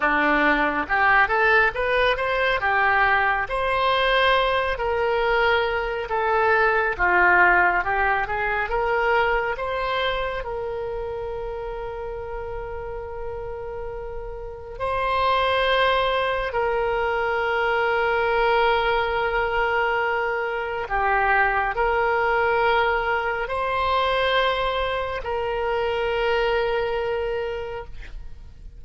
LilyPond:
\new Staff \with { instrumentName = "oboe" } { \time 4/4 \tempo 4 = 69 d'4 g'8 a'8 b'8 c''8 g'4 | c''4. ais'4. a'4 | f'4 g'8 gis'8 ais'4 c''4 | ais'1~ |
ais'4 c''2 ais'4~ | ais'1 | g'4 ais'2 c''4~ | c''4 ais'2. | }